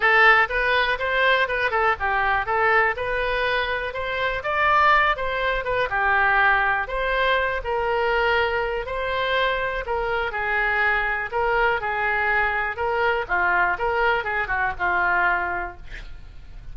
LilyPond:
\new Staff \with { instrumentName = "oboe" } { \time 4/4 \tempo 4 = 122 a'4 b'4 c''4 b'8 a'8 | g'4 a'4 b'2 | c''4 d''4. c''4 b'8 | g'2 c''4. ais'8~ |
ais'2 c''2 | ais'4 gis'2 ais'4 | gis'2 ais'4 f'4 | ais'4 gis'8 fis'8 f'2 | }